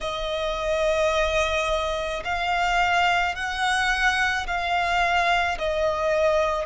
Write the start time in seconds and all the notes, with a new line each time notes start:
0.01 D#5
2.24 F5
3.35 F#5
4.46 F5
5.58 D#5